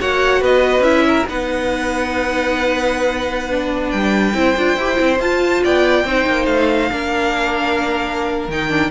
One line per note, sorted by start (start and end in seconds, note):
0.00 0.41 A#3
0.00 0.83 F#4
0.00 0.41 C#5
0.00 0.43 F#5
0.41 0.80 B3
0.41 1.05 B4
0.41 0.83 D#5
0.80 1.23 C#4
0.80 1.26 E4
0.80 1.26 E5
1.08 1.29 A#4
1.28 3.93 B3
1.28 3.51 D#4
1.28 4.37 B4
1.28 3.91 F#5
3.51 4.34 D4
3.91 4.34 G3
3.91 5.19 G5
4.34 4.56 C4
4.34 4.55 E4
4.34 5.64 C5
4.57 4.77 D4
4.57 4.79 F4
4.77 4.98 E4
4.77 4.96 G4
4.96 5.19 C4
4.96 5.17 E4
5.19 5.62 F4
5.19 6.06 F4
5.19 5.64 A5
5.64 6.05 B3
5.64 6.06 D5
5.64 6.46 G5
6.05 6.26 C4
6.05 6.91 D#4
6.05 6.91 C5
6.27 6.47 A#3
6.46 6.89 A3
6.46 8.48 F5
6.91 8.49 A#3
6.91 8.50 D4
6.91 8.91 A#4
8.49 8.91 D#3
8.49 8.69 D#4
8.49 8.91 G5
8.69 8.90 D4